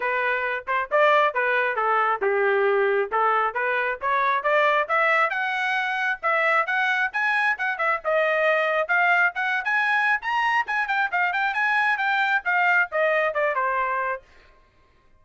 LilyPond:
\new Staff \with { instrumentName = "trumpet" } { \time 4/4 \tempo 4 = 135 b'4. c''8 d''4 b'4 | a'4 g'2 a'4 | b'4 cis''4 d''4 e''4 | fis''2 e''4 fis''4 |
gis''4 fis''8 e''8 dis''2 | f''4 fis''8. gis''4~ gis''16 ais''4 | gis''8 g''8 f''8 g''8 gis''4 g''4 | f''4 dis''4 d''8 c''4. | }